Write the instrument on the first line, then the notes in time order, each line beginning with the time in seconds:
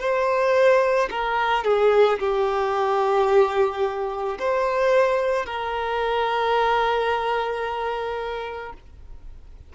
violin
0.00 C5
1.11 A#4
1.64 G#4
2.20 G4
4.39 C5
5.46 A#4